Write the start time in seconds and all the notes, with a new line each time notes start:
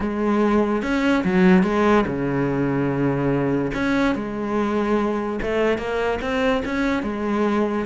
0.00 G#3
0.82 C#4
1.24 F#3
1.63 G#3
2.06 C#3
3.74 C#4
4.15 G#3
5.42 A3
5.78 A#3
6.21 C4
6.65 C#4
7.02 G#3